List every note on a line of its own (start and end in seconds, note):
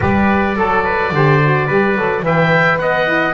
0.00 0.56 G3
0.00 0.55 G4
0.00 0.56 B4
0.00 2.25 D5
0.55 1.12 F#3
0.55 1.11 A4
0.55 0.84 A4
0.84 1.12 B4
1.12 1.68 D3
1.12 1.41 G4
1.12 1.66 C5
1.42 1.69 F#4
1.66 1.95 G3
1.66 1.96 G4
1.66 2.23 B4
1.95 2.22 F#3
1.95 2.22 A4
2.22 2.78 E3
2.22 3.05 B4
2.22 2.80 E5
2.22 2.78 G5
2.78 3.33 B3
2.78 3.33 D#5
2.78 3.33 F#5
3.05 3.33 E4